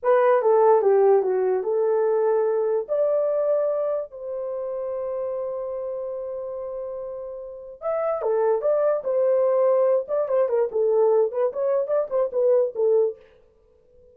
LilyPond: \new Staff \with { instrumentName = "horn" } { \time 4/4 \tempo 4 = 146 b'4 a'4 g'4 fis'4 | a'2. d''4~ | d''2 c''2~ | c''1~ |
c''2. e''4 | a'4 d''4 c''2~ | c''8 d''8 c''8 ais'8 a'4. b'8 | cis''4 d''8 c''8 b'4 a'4 | }